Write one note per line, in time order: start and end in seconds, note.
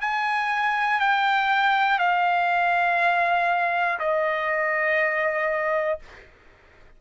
0.00 1.00 G#5
1.00 1.98 G5
1.98 3.98 F5
3.99 5.99 D#5